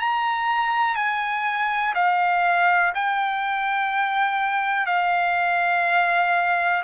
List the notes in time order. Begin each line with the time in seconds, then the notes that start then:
0.00 A#5
0.96 G#5
1.95 F5
2.95 G5
4.86 F5